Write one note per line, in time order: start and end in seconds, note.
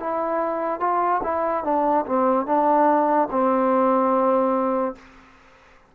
0.00 0.80 E4
0.80 1.21 F4
1.23 1.64 E4
1.64 2.05 D4
2.06 2.46 C4
2.46 3.28 D4
3.31 4.95 C4